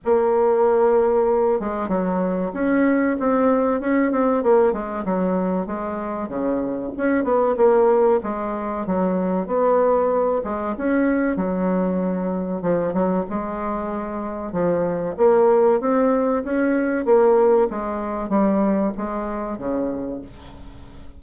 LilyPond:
\new Staff \with { instrumentName = "bassoon" } { \time 4/4 \tempo 4 = 95 ais2~ ais8 gis8 fis4 | cis'4 c'4 cis'8 c'8 ais8 gis8 | fis4 gis4 cis4 cis'8 b8 | ais4 gis4 fis4 b4~ |
b8 gis8 cis'4 fis2 | f8 fis8 gis2 f4 | ais4 c'4 cis'4 ais4 | gis4 g4 gis4 cis4 | }